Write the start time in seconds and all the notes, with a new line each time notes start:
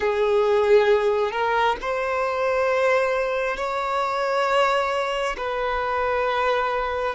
0.00 G#4
1.31 A#4
1.81 C5
3.56 C#5
5.37 B4